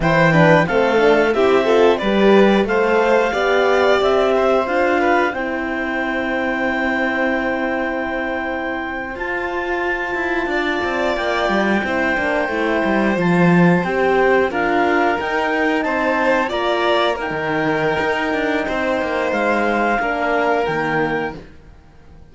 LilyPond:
<<
  \new Staff \with { instrumentName = "clarinet" } { \time 4/4 \tempo 4 = 90 g''4 f''4 e''4 d''4 | f''2 e''4 f''4 | g''1~ | g''4.~ g''16 a''2~ a''16~ |
a''8. g''2. a''16~ | a''8. g''4 f''4 g''4 a''16~ | a''8. ais''4 g''2~ g''16~ | g''4 f''2 g''4 | }
  \new Staff \with { instrumentName = "violin" } { \time 4/4 c''8 b'8 a'4 g'8 a'8 b'4 | c''4 d''4. c''4 b'8 | c''1~ | c''2.~ c''8. d''16~ |
d''4.~ d''16 c''2~ c''16~ | c''4.~ c''16 ais'2 c''16~ | c''8. d''4 ais'2~ ais'16 | c''2 ais'2 | }
  \new Staff \with { instrumentName = "horn" } { \time 4/4 e'8 d'8 c'8 d'8 e'8 f'8 g'4 | a'4 g'2 f'4 | e'1~ | e'4.~ e'16 f'2~ f'16~ |
f'4.~ f'16 e'8 d'8 e'4 f'16~ | f'8. g'4 f'4 dis'4~ dis'16~ | dis'8. f'4 dis'2~ dis'16~ | dis'2 d'4 ais4 | }
  \new Staff \with { instrumentName = "cello" } { \time 4/4 e4 a4 c'4 g4 | a4 b4 c'4 d'4 | c'1~ | c'4.~ c'16 f'4. e'8 d'16~ |
d'16 c'8 ais8 g8 c'8 ais8 a8 g8 f16~ | f8. c'4 d'4 dis'4 c'16~ | c'8. ais4~ ais16 dis4 dis'8 d'8 | c'8 ais8 gis4 ais4 dis4 | }
>>